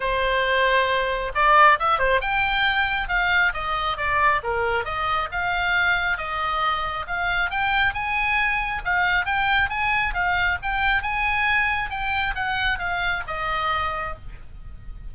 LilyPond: \new Staff \with { instrumentName = "oboe" } { \time 4/4 \tempo 4 = 136 c''2. d''4 | e''8 c''8 g''2 f''4 | dis''4 d''4 ais'4 dis''4 | f''2 dis''2 |
f''4 g''4 gis''2 | f''4 g''4 gis''4 f''4 | g''4 gis''2 g''4 | fis''4 f''4 dis''2 | }